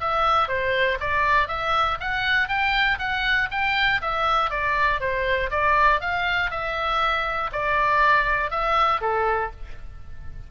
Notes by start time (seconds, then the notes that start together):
0.00 E5
0.48 C5
1.00 D5
1.47 E5
2.00 F#5
2.48 G5
2.98 F#5
3.50 G5
4.01 E5
4.50 D5
5.00 C5
5.50 D5
6.00 F5
6.50 E5
7.52 D5
8.50 E5
9.01 A4